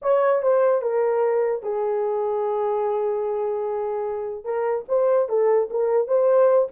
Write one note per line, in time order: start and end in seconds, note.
0.01 0.42 C#5
0.42 0.81 C5
0.81 1.62 A#4
1.63 4.44 G#4
4.44 4.85 A#4
4.88 5.28 C5
5.28 5.69 A4
5.70 6.07 A#4
6.07 6.68 C5